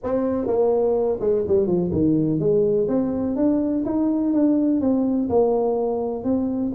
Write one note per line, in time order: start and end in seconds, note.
0.03 0.47 C4
0.47 1.19 A#3
1.20 1.44 G#3
1.47 1.66 G3
1.66 1.90 F3
1.92 2.39 D#3
2.39 2.87 G#3
2.88 3.36 C4
3.36 3.84 D4
3.85 4.33 D#4
4.33 4.80 D4
4.80 5.28 C4
5.29 6.24 A#3
6.24 6.72 C4